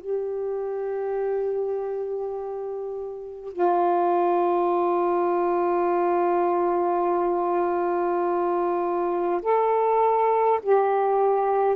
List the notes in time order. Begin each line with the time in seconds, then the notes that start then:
0.00 G4
3.52 F4
9.42 A4
10.63 G4